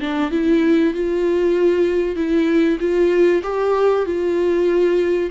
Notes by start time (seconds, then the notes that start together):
0.00 D4
0.31 E4
0.93 F4
2.15 E4
2.79 F4
3.42 G4
4.05 F4